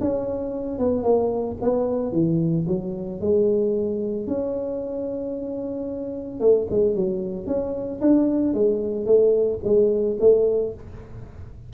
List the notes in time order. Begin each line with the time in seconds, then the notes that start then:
0.00 C#4
0.78 B3
1.03 A#3
1.61 B3
2.12 E3
2.67 F#3
3.20 G#3
4.27 C#4
6.40 A3
6.70 G#3
6.95 F#3
7.46 C#4
8.01 D4
8.54 G#3
9.06 A3
9.64 G#3
10.20 A3